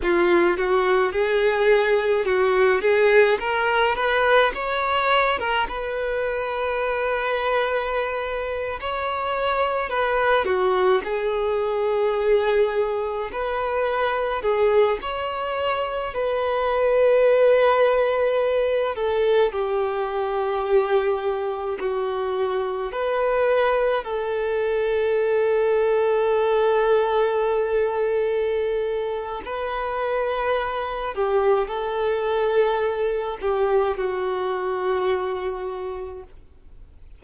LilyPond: \new Staff \with { instrumentName = "violin" } { \time 4/4 \tempo 4 = 53 f'8 fis'8 gis'4 fis'8 gis'8 ais'8 b'8 | cis''8. ais'16 b'2~ b'8. cis''16~ | cis''8. b'8 fis'8 gis'2 b'16~ | b'8. gis'8 cis''4 b'4.~ b'16~ |
b'8. a'8 g'2 fis'8.~ | fis'16 b'4 a'2~ a'8.~ | a'2 b'4. g'8 | a'4. g'8 fis'2 | }